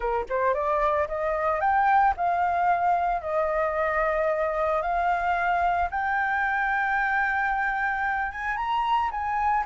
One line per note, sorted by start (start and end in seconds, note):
0.00 0.25 A#4
0.29 0.54 C5
0.54 1.07 D5
1.08 1.60 D#5
1.60 2.14 G5
2.16 3.21 F5
3.21 4.81 D#5
4.81 5.89 F5
5.90 8.31 G5
8.31 8.56 G#5
8.56 9.10 A#5
9.11 9.64 G#5